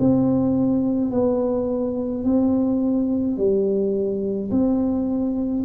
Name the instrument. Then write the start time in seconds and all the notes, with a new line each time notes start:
tuba
0.00 C4
1.11 B3
2.24 C4
3.38 G3
4.51 C4